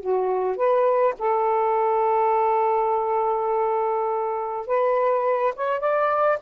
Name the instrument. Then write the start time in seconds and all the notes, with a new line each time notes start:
saxophone
0.00 F#4
0.56 B4
1.18 A4
4.66 B4
5.56 C#5
5.80 D5